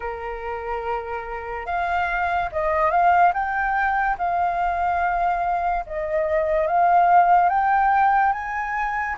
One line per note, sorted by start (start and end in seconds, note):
0.00 1.66 A#4
1.66 2.49 F5
2.52 2.91 D#5
2.91 3.32 F5
3.33 4.17 G5
4.17 5.84 F5
5.86 6.67 D#5
6.67 7.48 F5
7.48 8.32 G5
8.32 9.16 G#5